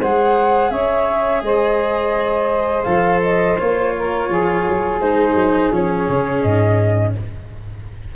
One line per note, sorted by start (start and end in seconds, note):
0.00 0.71 G#3
0.00 2.86 G#4
0.00 0.71 C5
0.00 0.71 F#5
0.71 1.43 C#4
0.71 1.42 C#5
0.71 1.43 E5
1.43 2.85 G#3
1.43 3.95 C5
1.43 2.84 D#5
2.84 3.58 F3
2.84 3.57 A4
2.84 3.20 F5
3.23 3.58 D#5
3.59 4.30 A#3
3.59 5.01 F4
3.59 5.01 C#5
3.96 4.29 A#4
4.29 4.66 F3
4.29 7.15 G#4
4.69 5.01 F#3
5.01 5.35 G#3
5.01 5.73 D#4
5.01 5.72 C5
5.35 5.70 F#3
5.72 6.08 F3
5.72 7.16 C#4
5.72 6.42 C#5
6.09 6.44 C#3
6.42 7.16 G#2
6.42 7.13 D#5